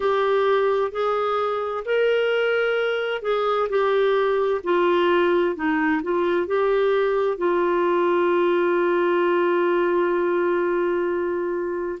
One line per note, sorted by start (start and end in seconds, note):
0.00 0.91 G4
0.91 1.83 G#4
1.85 3.22 A#4
3.22 3.68 G#4
3.69 4.61 G4
4.63 5.55 F4
5.55 6.01 D#4
6.03 6.46 F4
6.46 7.37 G4
7.37 11.99 F4